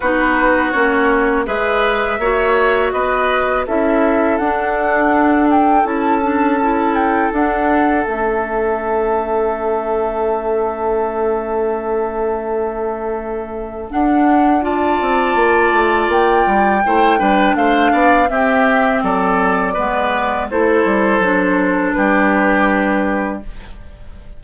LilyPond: <<
  \new Staff \with { instrumentName = "flute" } { \time 4/4 \tempo 4 = 82 b'4 cis''4 e''2 | dis''4 e''4 fis''4. g''8 | a''4. g''8 fis''4 e''4~ | e''1~ |
e''2. fis''4 | a''2 g''2 | f''4 e''4 d''2 | c''2 b'2 | }
  \new Staff \with { instrumentName = "oboe" } { \time 4/4 fis'2 b'4 cis''4 | b'4 a'2.~ | a'1~ | a'1~ |
a'1 | d''2. c''8 b'8 | c''8 d''8 g'4 a'4 b'4 | a'2 g'2 | }
  \new Staff \with { instrumentName = "clarinet" } { \time 4/4 dis'4 cis'4 gis'4 fis'4~ | fis'4 e'4 d'2 | e'8 d'8 e'4 d'4 cis'4~ | cis'1~ |
cis'2. d'4 | f'2. e'8 d'8~ | d'4 c'2 b4 | e'4 d'2. | }
  \new Staff \with { instrumentName = "bassoon" } { \time 4/4 b4 ais4 gis4 ais4 | b4 cis'4 d'2 | cis'2 d'4 a4~ | a1~ |
a2. d'4~ | d'8 c'8 ais8 a8 ais8 g8 a8 g8 | a8 b8 c'4 fis4 gis4 | a8 g8 fis4 g2 | }
>>